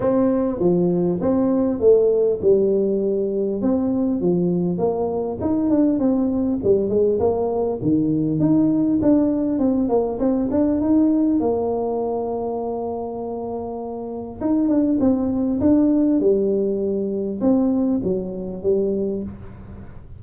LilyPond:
\new Staff \with { instrumentName = "tuba" } { \time 4/4 \tempo 4 = 100 c'4 f4 c'4 a4 | g2 c'4 f4 | ais4 dis'8 d'8 c'4 g8 gis8 | ais4 dis4 dis'4 d'4 |
c'8 ais8 c'8 d'8 dis'4 ais4~ | ais1 | dis'8 d'8 c'4 d'4 g4~ | g4 c'4 fis4 g4 | }